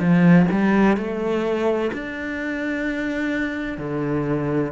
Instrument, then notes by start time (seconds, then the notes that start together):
cello
0.00 F3
0.52 G3
0.98 A3
1.93 D4
3.78 D3